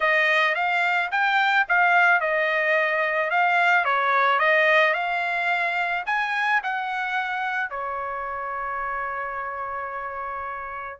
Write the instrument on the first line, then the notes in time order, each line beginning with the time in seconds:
trumpet
0.00 D#5
0.55 F5
1.11 G5
1.68 F5
2.20 D#5
3.30 F5
3.84 C#5
4.39 D#5
4.93 F5
6.06 G#5
6.63 F#5
7.70 C#5